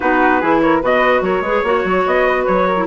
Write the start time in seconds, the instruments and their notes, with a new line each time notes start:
0.00 bassoon B3, clarinet D#4, flute F#4, trumpet B4
0.40 bassoon E3, clarinet E4, flute G#4
0.61 flute A#4, trumpet C#5
0.82 bassoon B2, clarinet F#4, flute B4, trumpet D#5
1.21 bassoon F#3, flute A#4, trumpet C#5
1.40 bassoon G#3, clarinet G#4, flute B4
1.63 bassoon A#3, clarinet F#4, flute C#5
1.84 bassoon F#3
2.05 bassoon B3, trumpet D#5
2.27 flute B4
2.45 bassoon F#3, trumpet C#5
2.67 flute A#4
2.76 clarinet E4